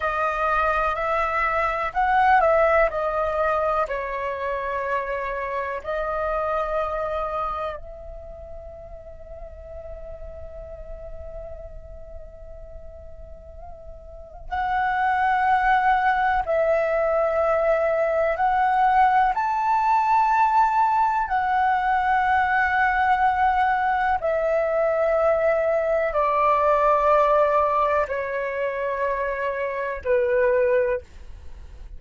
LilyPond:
\new Staff \with { instrumentName = "flute" } { \time 4/4 \tempo 4 = 62 dis''4 e''4 fis''8 e''8 dis''4 | cis''2 dis''2 | e''1~ | e''2. fis''4~ |
fis''4 e''2 fis''4 | a''2 fis''2~ | fis''4 e''2 d''4~ | d''4 cis''2 b'4 | }